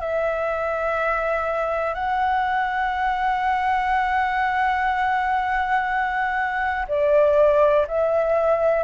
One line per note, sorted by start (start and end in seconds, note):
0.00 1.94 E5
1.94 6.86 F#5
6.88 7.86 D5
7.87 8.83 E5